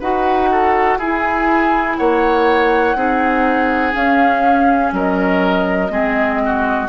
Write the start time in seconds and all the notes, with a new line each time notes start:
0.00 D#4 F#4 B4 F#5
0.52 A4
0.98 E4 G#4 G#5
1.98 A#3 C#5 F#5
2.95 C4 D#4 G#4
3.93 C#4 F5
4.92 F#3 A#4 D#5
5.90 G#3 C4 G#4
6.46 F#4